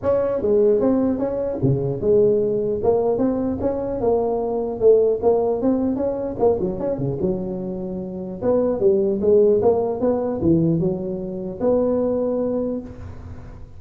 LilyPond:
\new Staff \with { instrumentName = "tuba" } { \time 4/4 \tempo 4 = 150 cis'4 gis4 c'4 cis'4 | cis4 gis2 ais4 | c'4 cis'4 ais2 | a4 ais4 c'4 cis'4 |
ais8 fis8 cis'8 cis8 fis2~ | fis4 b4 g4 gis4 | ais4 b4 e4 fis4~ | fis4 b2. | }